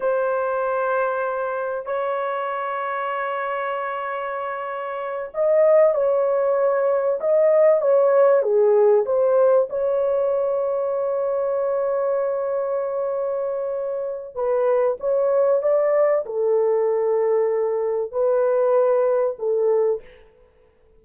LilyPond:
\new Staff \with { instrumentName = "horn" } { \time 4/4 \tempo 4 = 96 c''2. cis''4~ | cis''1~ | cis''8 dis''4 cis''2 dis''8~ | dis''8 cis''4 gis'4 c''4 cis''8~ |
cis''1~ | cis''2. b'4 | cis''4 d''4 a'2~ | a'4 b'2 a'4 | }